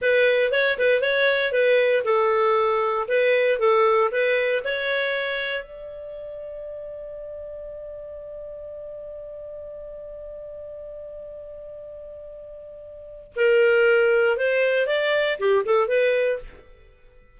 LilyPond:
\new Staff \with { instrumentName = "clarinet" } { \time 4/4 \tempo 4 = 117 b'4 cis''8 b'8 cis''4 b'4 | a'2 b'4 a'4 | b'4 cis''2 d''4~ | d''1~ |
d''1~ | d''1~ | d''2 ais'2 | c''4 d''4 g'8 a'8 b'4 | }